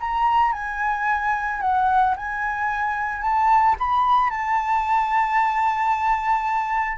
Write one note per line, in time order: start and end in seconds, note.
0.00 0.52 A#5
0.52 1.60 G#5
1.60 2.14 F#5
2.16 3.21 G#5
3.21 3.75 A5
3.79 4.30 B5
4.30 6.97 A5